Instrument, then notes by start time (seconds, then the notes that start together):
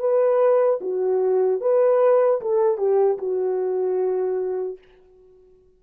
horn
0.00 B4
0.81 F#4
1.61 B4
2.41 A4
2.78 G4
3.19 F#4